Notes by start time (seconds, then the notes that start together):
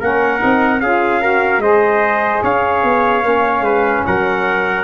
0.00 A#3 C#4 A#4 F#5
0.39 C4 D#4
0.81 C#4 F4 G#4 F5
1.21 F#4 A#4
1.58 G#3 G#4 C5 D#5
2.43 C#4 C#5 F5
2.84 B3
3.22 A#3 C#4
3.61 G#3 B4
4.06 F#3 A#4 F#5